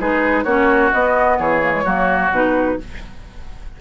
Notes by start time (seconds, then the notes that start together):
0.00 G#3 D#4 G#4 B4
0.44 A#3 C#4 F#4 C#5
0.92 B3 D#5
1.39 E3 G#4 C#5
1.62 A#3
1.71 G#3
1.84 F#3 A#3 F#4
2.31 B2 D#4 B4